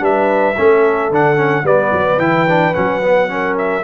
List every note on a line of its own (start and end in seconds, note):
0.00 0.55 G3
0.00 0.55 D4
0.00 0.56 B4
0.00 1.13 E5
0.56 1.11 A3
0.56 1.11 C#4
0.56 1.64 A4
1.11 1.63 D3
1.11 1.36 D4
1.11 1.66 F#5
1.36 1.64 C#4
1.63 1.91 G3
1.63 2.19 B3
1.63 3.28 B4
1.63 2.19 D5
1.92 2.18 F#3
2.18 2.72 E3
2.18 2.47 E4
2.18 2.74 G5
2.49 2.74 D4
2.74 3.84 F#3
2.74 3.01 C#4
2.74 3.56 F#5
3.02 3.28 B3
3.28 3.83 C#4
3.28 3.84 A#4
3.58 3.84 E5